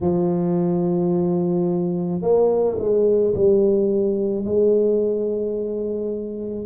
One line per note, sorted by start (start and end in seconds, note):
0.01 2.21 F3
2.21 2.77 A#3
2.78 3.34 G#3
3.34 4.44 G3
4.44 6.65 G#3